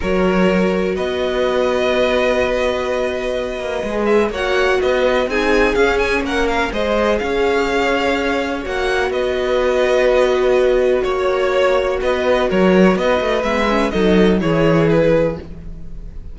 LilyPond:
<<
  \new Staff \with { instrumentName = "violin" } { \time 4/4 \tempo 4 = 125 cis''2 dis''2~ | dis''1~ | dis''8 e''8 fis''4 dis''4 gis''4 | f''8 gis''8 fis''8 f''8 dis''4 f''4~ |
f''2 fis''4 dis''4~ | dis''2. cis''4~ | cis''4 dis''4 cis''4 dis''4 | e''4 dis''4 cis''4 b'4 | }
  \new Staff \with { instrumentName = "violin" } { \time 4/4 ais'2 b'2~ | b'1~ | b'4 cis''4 b'4 gis'4~ | gis'4 ais'4 c''4 cis''4~ |
cis''2. b'4~ | b'2. cis''4~ | cis''4 b'4 ais'4 b'4~ | b'4 a'4 gis'2 | }
  \new Staff \with { instrumentName = "viola" } { \time 4/4 fis'1~ | fis'1 | gis'4 fis'2 dis'4 | cis'2 gis'2~ |
gis'2 fis'2~ | fis'1~ | fis'1 | b8 cis'8 dis'4 e'2 | }
  \new Staff \with { instrumentName = "cello" } { \time 4/4 fis2 b2~ | b2.~ b8 ais8 | gis4 ais4 b4 c'4 | cis'4 ais4 gis4 cis'4~ |
cis'2 ais4 b4~ | b2. ais4~ | ais4 b4 fis4 b8 a8 | gis4 fis4 e2 | }
>>